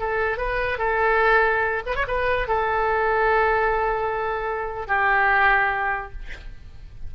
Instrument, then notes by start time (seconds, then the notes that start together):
oboe
0.00 A4
0.38 B4
0.79 A4
1.86 B4
1.96 C#5
2.08 B4
2.48 A4
4.88 G4